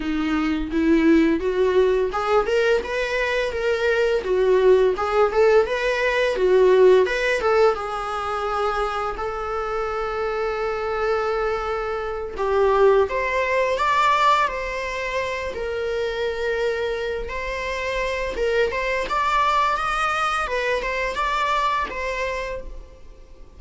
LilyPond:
\new Staff \with { instrumentName = "viola" } { \time 4/4 \tempo 4 = 85 dis'4 e'4 fis'4 gis'8 ais'8 | b'4 ais'4 fis'4 gis'8 a'8 | b'4 fis'4 b'8 a'8 gis'4~ | gis'4 a'2.~ |
a'4. g'4 c''4 d''8~ | d''8 c''4. ais'2~ | ais'8 c''4. ais'8 c''8 d''4 | dis''4 b'8 c''8 d''4 c''4 | }